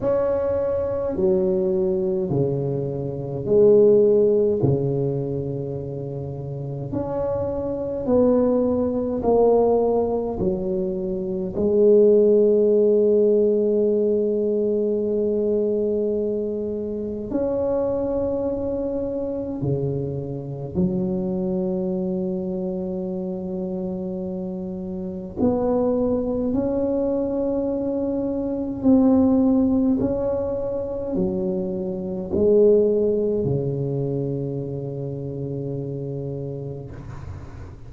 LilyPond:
\new Staff \with { instrumentName = "tuba" } { \time 4/4 \tempo 4 = 52 cis'4 fis4 cis4 gis4 | cis2 cis'4 b4 | ais4 fis4 gis2~ | gis2. cis'4~ |
cis'4 cis4 fis2~ | fis2 b4 cis'4~ | cis'4 c'4 cis'4 fis4 | gis4 cis2. | }